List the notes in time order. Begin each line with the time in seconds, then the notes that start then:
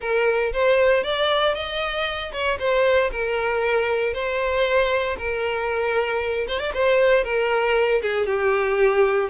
0.00 A#4
0.53 C5
1.03 D5
1.54 D#5
2.32 C#5
2.59 C5
3.11 A#4
4.13 C5
5.18 A#4
6.47 C5
6.59 D5
6.74 C5
7.23 A#4
8.02 G#4
8.25 G4